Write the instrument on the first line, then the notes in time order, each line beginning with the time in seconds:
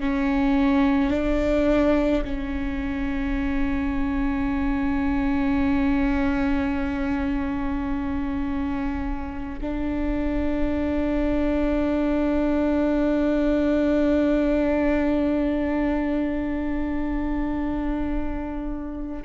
viola
0.00 C#4
1.10 D4
2.24 C#4
9.61 D4